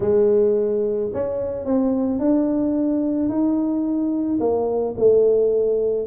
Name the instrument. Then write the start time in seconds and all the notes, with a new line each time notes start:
tuba
0.00 G#3
1.13 C#4
1.65 C4
2.19 D4
3.29 D#4
4.39 A#3
4.97 A3